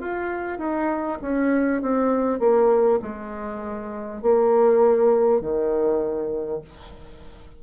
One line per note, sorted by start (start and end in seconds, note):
0.00 0.58 F4
0.58 1.18 D#4
1.21 1.81 C#4
1.81 2.39 C4
2.39 2.99 A#3
3.02 4.22 G#3
4.22 5.41 A#3
5.41 6.61 D#3